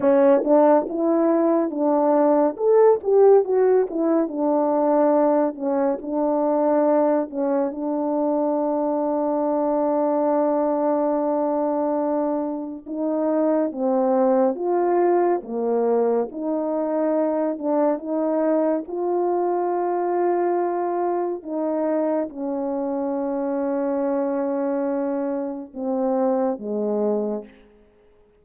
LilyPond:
\new Staff \with { instrumentName = "horn" } { \time 4/4 \tempo 4 = 70 cis'8 d'8 e'4 d'4 a'8 g'8 | fis'8 e'8 d'4. cis'8 d'4~ | d'8 cis'8 d'2.~ | d'2. dis'4 |
c'4 f'4 ais4 dis'4~ | dis'8 d'8 dis'4 f'2~ | f'4 dis'4 cis'2~ | cis'2 c'4 gis4 | }